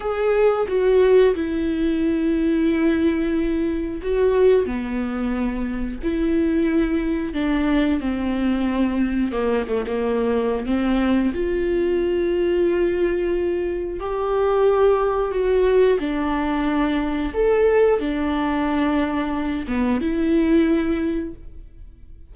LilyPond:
\new Staff \with { instrumentName = "viola" } { \time 4/4 \tempo 4 = 90 gis'4 fis'4 e'2~ | e'2 fis'4 b4~ | b4 e'2 d'4 | c'2 ais8 a16 ais4~ ais16 |
c'4 f'2.~ | f'4 g'2 fis'4 | d'2 a'4 d'4~ | d'4. b8 e'2 | }